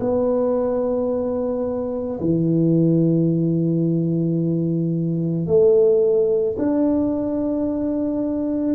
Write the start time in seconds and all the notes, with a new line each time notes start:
0.00 B3
2.20 E3
5.46 A3
6.58 D4